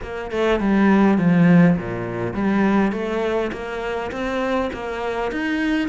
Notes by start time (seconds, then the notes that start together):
0.02 A#3
0.31 A3
0.60 G3
1.17 F3
1.77 A#2
2.33 G3
2.92 A3
3.52 A#3
4.11 C4
4.73 A#3
5.31 D#4